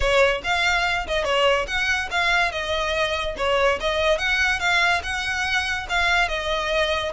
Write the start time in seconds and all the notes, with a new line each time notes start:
0.00 C#5
0.43 F5
1.07 D#5
1.24 C#5
1.67 F#5
2.10 F5
2.51 D#5
3.37 C#5
3.80 D#5
4.17 F#5
4.59 F5
5.03 F#5
5.89 F5
6.28 D#5